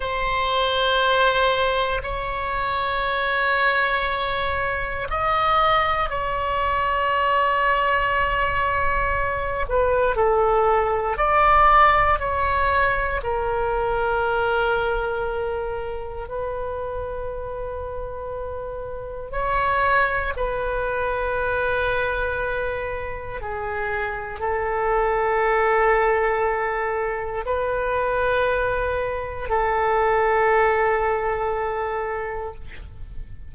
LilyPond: \new Staff \with { instrumentName = "oboe" } { \time 4/4 \tempo 4 = 59 c''2 cis''2~ | cis''4 dis''4 cis''2~ | cis''4. b'8 a'4 d''4 | cis''4 ais'2. |
b'2. cis''4 | b'2. gis'4 | a'2. b'4~ | b'4 a'2. | }